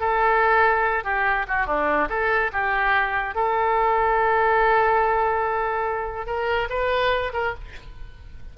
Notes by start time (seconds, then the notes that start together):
0.00 A4
1.04 G4
1.48 F#4
1.67 D4
2.09 A4
2.53 G4
3.35 A4
6.27 A#4
6.70 B4
7.34 A#4